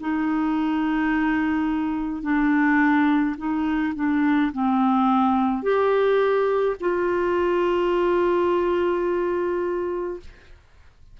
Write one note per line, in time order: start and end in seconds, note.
0.00 2.22 D#4
2.22 3.36 D4
3.37 3.94 D#4
3.95 4.52 D4
4.52 5.62 C4
5.62 6.76 G4
6.80 10.20 F4